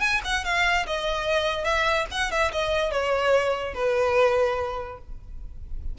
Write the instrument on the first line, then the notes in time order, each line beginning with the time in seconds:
violin
0.00 G#5
0.24 F#5
0.44 F5
0.86 D#5
1.64 E5
2.11 F#5
2.31 E5
2.52 D#5
2.91 C#5
3.74 B4